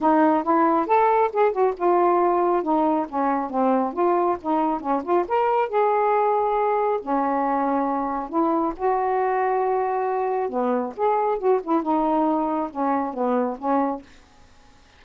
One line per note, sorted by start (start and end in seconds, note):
0.01 0.43 D#4
0.43 0.86 E4
0.86 1.30 A4
1.32 1.52 G#4
1.52 1.74 F#4
1.76 2.62 F4
2.62 3.06 D#4
3.09 3.50 C#4
3.50 3.93 C4
3.93 4.37 F4
4.41 4.80 D#4
4.80 5.02 C#4
5.03 5.25 F4
5.28 5.68 A#4
5.68 7.00 G#4
7.01 8.29 C#4
8.29 8.73 E4
8.76 10.49 F#4
10.49 10.93 B3
10.96 11.38 G#4
11.38 11.60 F#4
11.63 11.82 E4
11.82 12.70 D#4
12.70 13.13 C#4
13.13 13.57 B3
13.58 14.02 C#4